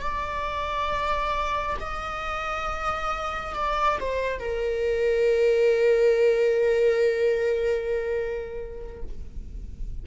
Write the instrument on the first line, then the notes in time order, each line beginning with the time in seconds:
viola
0.00 D5
1.80 D#5
3.54 D5
4.00 C5
4.39 A#4